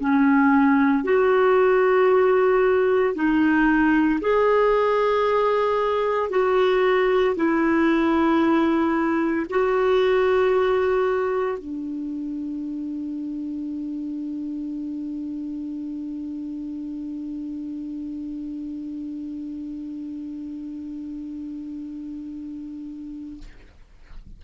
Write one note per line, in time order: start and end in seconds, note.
0.00 1.04 C#4
1.04 3.15 F#4
3.15 4.20 D#4
4.21 6.30 G#4
6.30 7.35 F#4
7.36 9.46 E4
9.50 11.58 F#4
11.58 23.43 D4